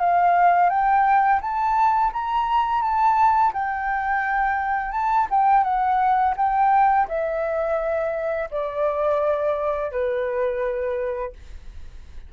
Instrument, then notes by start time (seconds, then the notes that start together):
flute
0.00 F5
0.70 G5
1.41 A5
2.13 A#5
2.82 A5
3.54 G5
4.92 A5
5.31 G5
5.64 F#5
6.37 G5
7.08 E5
8.52 D5
9.92 B4